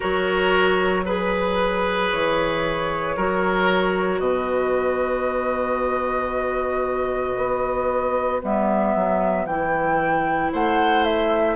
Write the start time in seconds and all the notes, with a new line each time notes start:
0.00 F#3 F#4 A#4 C#5
1.05 G#4 B4
2.11 E3 C#5
3.16 F#3 F#4 A#4
4.19 B2 B4 D#5
7.36 B3
8.42 G3 B3 E5
8.95 F#3
9.45 E3 E4 G5
10.52 A3 C5 F#5
11.03 E5